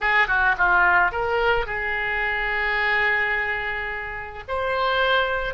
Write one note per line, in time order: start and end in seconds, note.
0.01 0.27 G#4
0.27 0.55 F#4
0.57 1.11 F4
1.11 1.65 A#4
1.65 4.43 G#4
4.48 5.54 C5